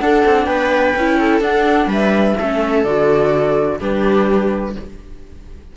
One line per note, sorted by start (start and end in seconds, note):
0.00 0.24 D4
0.00 0.96 D4
0.00 0.47 A4
0.00 0.46 F#5
0.25 0.46 C4
0.46 0.94 B3
0.46 1.18 B4
0.46 1.41 G5
0.96 1.40 C#4
0.96 1.42 E4
1.19 1.88 A4
1.40 1.86 D4
1.40 2.37 D4
1.40 1.90 F#5
1.86 2.34 G3
1.86 2.36 B4
1.93 2.84 E5
2.39 2.84 A3
2.39 2.86 C#4
2.39 3.80 A4
2.84 3.80 D3
2.84 3.80 F#4
2.84 3.79 D5
3.80 4.76 G3
3.80 4.75 D4
3.80 4.75 G4
3.80 4.76 B4